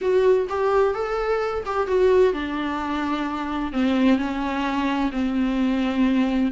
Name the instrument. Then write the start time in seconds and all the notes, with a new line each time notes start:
viola
0.01 F#4
0.49 G4
0.94 A4
1.65 G4
1.87 F#4
2.33 D4
3.72 C4
4.17 C#4
5.11 C4